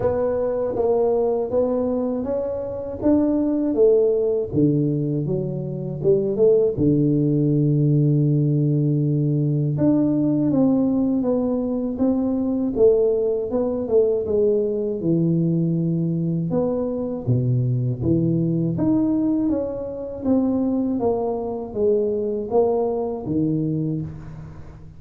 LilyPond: \new Staff \with { instrumentName = "tuba" } { \time 4/4 \tempo 4 = 80 b4 ais4 b4 cis'4 | d'4 a4 d4 fis4 | g8 a8 d2.~ | d4 d'4 c'4 b4 |
c'4 a4 b8 a8 gis4 | e2 b4 b,4 | e4 dis'4 cis'4 c'4 | ais4 gis4 ais4 dis4 | }